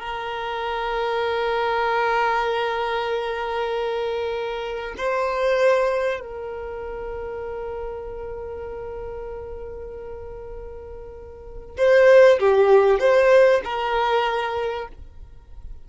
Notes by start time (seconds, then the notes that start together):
0.00 A#4
4.97 C5
6.20 A#4
11.78 C5
12.40 G4
13.00 C5
13.64 A#4